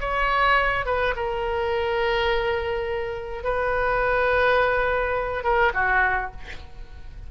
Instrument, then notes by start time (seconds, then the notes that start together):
oboe
0.00 C#5
0.86 B4
1.16 A#4
3.43 B4
5.43 A#4
5.74 F#4